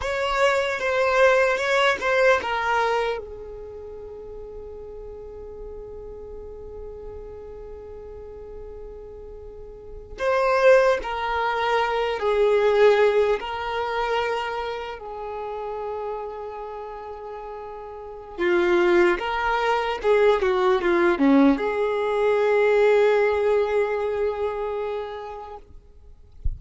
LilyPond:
\new Staff \with { instrumentName = "violin" } { \time 4/4 \tempo 4 = 75 cis''4 c''4 cis''8 c''8 ais'4 | gis'1~ | gis'1~ | gis'8. c''4 ais'4. gis'8.~ |
gis'8. ais'2 gis'4~ gis'16~ | gis'2. f'4 | ais'4 gis'8 fis'8 f'8 cis'8 gis'4~ | gis'1 | }